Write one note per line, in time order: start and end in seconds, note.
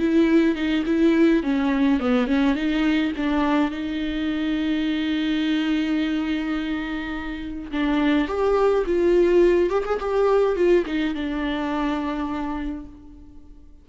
0.00 0.56 E4
0.56 0.84 D#4
0.86 1.44 E4
1.44 2.01 C#4
2.01 2.28 B3
2.28 2.56 C#4
2.56 3.13 D#4
3.17 3.71 D4
3.71 7.71 D#4
7.72 8.28 D4
8.28 8.85 G4
8.87 9.70 F4
9.70 9.84 G4
9.86 10.00 G#4
10.00 10.56 G4
10.56 10.85 F4
10.86 11.15 D#4
11.15 12.86 D4